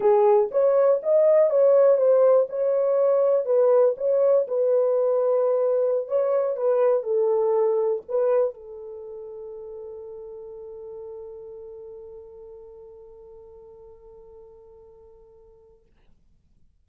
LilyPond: \new Staff \with { instrumentName = "horn" } { \time 4/4 \tempo 4 = 121 gis'4 cis''4 dis''4 cis''4 | c''4 cis''2 b'4 | cis''4 b'2.~ | b'16 cis''4 b'4 a'4.~ a'16~ |
a'16 b'4 a'2~ a'8.~ | a'1~ | a'1~ | a'1 | }